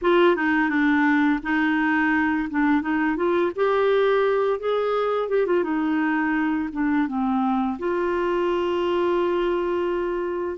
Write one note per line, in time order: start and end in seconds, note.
0.01 0.36 F4
0.36 0.69 D#4
0.69 1.39 D4
1.42 2.48 D#4
2.50 2.81 D4
2.81 3.16 D#4
3.16 3.51 F4
3.55 4.59 G4
4.59 5.28 G#4
5.28 5.46 G4
5.46 5.63 F4
5.63 6.69 D#4
6.72 7.07 D4
7.07 7.78 C4
7.78 10.57 F4